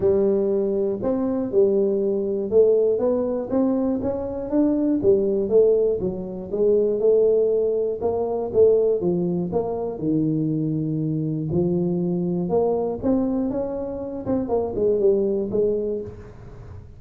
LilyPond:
\new Staff \with { instrumentName = "tuba" } { \time 4/4 \tempo 4 = 120 g2 c'4 g4~ | g4 a4 b4 c'4 | cis'4 d'4 g4 a4 | fis4 gis4 a2 |
ais4 a4 f4 ais4 | dis2. f4~ | f4 ais4 c'4 cis'4~ | cis'8 c'8 ais8 gis8 g4 gis4 | }